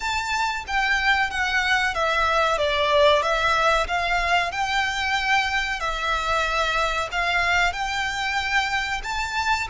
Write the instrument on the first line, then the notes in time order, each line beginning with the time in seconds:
violin
0.00 A5
0.67 G5
1.30 F#5
1.94 E5
2.58 D5
3.22 E5
3.87 F5
4.51 G5
5.79 E5
7.11 F5
7.72 G5
9.03 A5